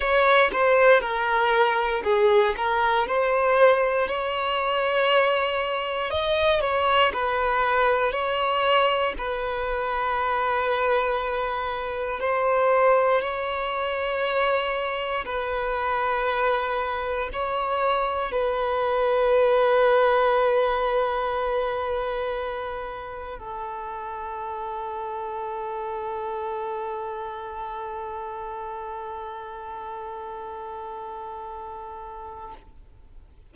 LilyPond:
\new Staff \with { instrumentName = "violin" } { \time 4/4 \tempo 4 = 59 cis''8 c''8 ais'4 gis'8 ais'8 c''4 | cis''2 dis''8 cis''8 b'4 | cis''4 b'2. | c''4 cis''2 b'4~ |
b'4 cis''4 b'2~ | b'2. a'4~ | a'1~ | a'1 | }